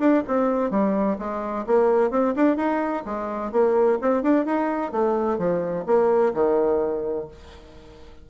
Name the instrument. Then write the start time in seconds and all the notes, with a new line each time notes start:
bassoon
0.00 D4
0.28 C4
0.71 G3
1.19 G#3
1.67 A#3
2.11 C4
2.36 D4
2.57 D#4
3.06 G#3
3.52 A#3
4.02 C4
4.23 D4
4.46 D#4
4.92 A3
5.39 F3
5.87 A#3
6.34 D#3